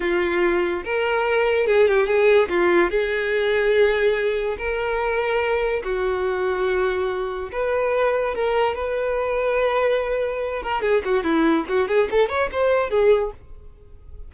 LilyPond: \new Staff \with { instrumentName = "violin" } { \time 4/4 \tempo 4 = 144 f'2 ais'2 | gis'8 g'8 gis'4 f'4 gis'4~ | gis'2. ais'4~ | ais'2 fis'2~ |
fis'2 b'2 | ais'4 b'2.~ | b'4. ais'8 gis'8 fis'8 e'4 | fis'8 gis'8 a'8 cis''8 c''4 gis'4 | }